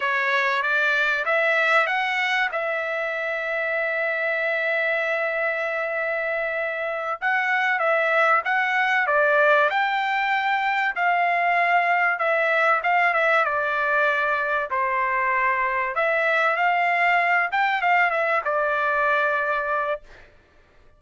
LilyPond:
\new Staff \with { instrumentName = "trumpet" } { \time 4/4 \tempo 4 = 96 cis''4 d''4 e''4 fis''4 | e''1~ | e''2.~ e''8 fis''8~ | fis''8 e''4 fis''4 d''4 g''8~ |
g''4. f''2 e''8~ | e''8 f''8 e''8 d''2 c''8~ | c''4. e''4 f''4. | g''8 f''8 e''8 d''2~ d''8 | }